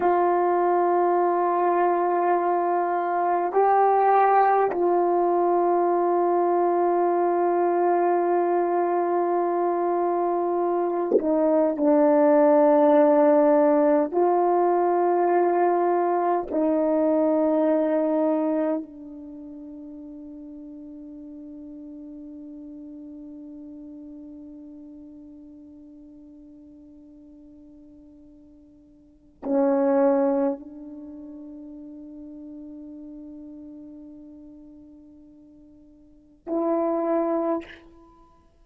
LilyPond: \new Staff \with { instrumentName = "horn" } { \time 4/4 \tempo 4 = 51 f'2. g'4 | f'1~ | f'4. dis'8 d'2 | f'2 dis'2 |
d'1~ | d'1~ | d'4 cis'4 d'2~ | d'2. e'4 | }